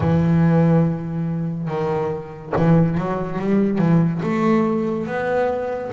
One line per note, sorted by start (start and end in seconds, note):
0.00 1.68 E3
1.68 2.52 D#3
2.55 2.97 E3
2.97 3.38 F#3
3.38 3.78 G3
3.78 4.20 E3
4.23 5.06 A3
5.06 5.91 B3